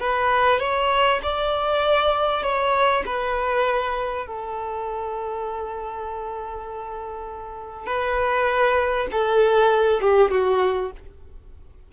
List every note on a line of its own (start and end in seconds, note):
0.00 0.60 B4
0.60 1.20 C#5
1.23 2.43 D5
2.43 3.04 C#5
3.06 4.27 B4
4.27 7.86 A4
7.86 9.07 B4
9.12 10.01 A4
10.01 10.31 G4
10.31 10.92 F#4